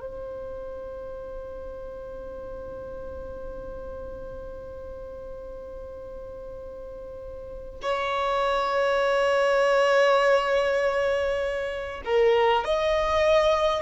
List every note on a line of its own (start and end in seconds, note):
0.00 7.80 C5
7.82 12.02 C#5
12.04 12.64 A#4
12.64 13.82 D#5